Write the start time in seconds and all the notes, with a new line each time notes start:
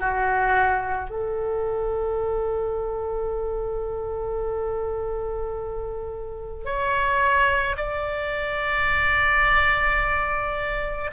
0.00 F#4
1.10 A4
6.65 C#5
7.77 D5